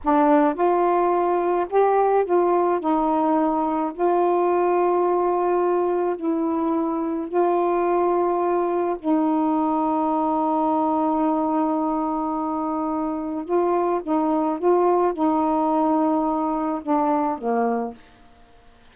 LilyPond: \new Staff \with { instrumentName = "saxophone" } { \time 4/4 \tempo 4 = 107 d'4 f'2 g'4 | f'4 dis'2 f'4~ | f'2. e'4~ | e'4 f'2. |
dis'1~ | dis'1 | f'4 dis'4 f'4 dis'4~ | dis'2 d'4 ais4 | }